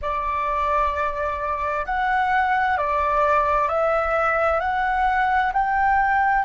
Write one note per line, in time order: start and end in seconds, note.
0.01 1.85 D5
1.85 2.77 F#5
2.77 3.68 D5
3.68 4.59 E5
4.59 5.52 F#5
5.52 6.44 G5